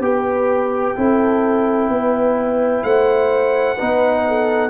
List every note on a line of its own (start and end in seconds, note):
0.00 0.94 B3
0.00 0.96 G4
0.00 0.98 B4
0.00 2.84 G5
0.96 1.89 C4
0.96 3.77 E4
0.96 1.91 A4
1.89 2.83 B3
1.89 2.84 B4
2.84 3.78 A3
2.84 3.76 C5
2.84 4.70 F#5
3.76 4.70 B3
3.76 4.70 D#4
3.76 4.23 B4
4.28 4.70 A4